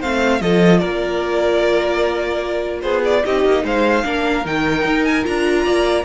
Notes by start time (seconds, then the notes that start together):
0.00 A3 C4 C5 F5
0.41 F3 F4 A4 D#5
0.79 A#3 A#4 D5
2.82 B3 G#4 C5
3.05 D5
3.24 C4 D#4 G4 D#5
3.45 A#3
3.64 G#3 C5 F5
4.04 A#3 D4 A#4
4.45 D#3 D#4 G5
4.85 D#4
5.04 G#5
5.23 D4 F4 A#5
5.64 A#3 D5